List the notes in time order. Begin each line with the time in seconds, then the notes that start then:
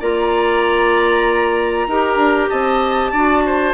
0.00 A#3 F4 D5 A#5
1.87 D#4 G4 A#4
2.16 D4
2.49 C4 D#5 A5
3.12 D4 F#4 D5
3.46 C5